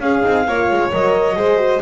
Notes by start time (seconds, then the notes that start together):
0.00 C#4 G#4 F5
0.23 C4 D#4
0.47 A#3 F4 C#5
0.71 G#3
0.93 F#3 A#4 D#5
1.36 G#3 G#4 C5
1.58 F#4